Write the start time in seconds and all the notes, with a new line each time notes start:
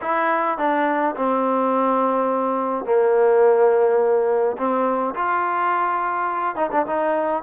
0.01 E4
0.58 D4
1.16 C4
2.85 A#3
4.57 C4
5.14 F4
6.55 D#4
6.71 D4
6.86 D#4